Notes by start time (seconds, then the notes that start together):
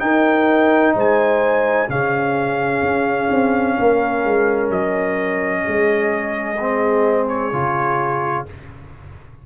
0.00 D#4 A#4 G5
0.95 G#3 C5 G#5
1.89 C#3 C#4 G#4 F5
2.82 C#4
3.31 C4
3.77 A#3 A#4
4.25 G#3
4.70 F#3 D#5
5.64 G#3 G#4
6.59 C4
7.28 C#5
7.53 C#3 F4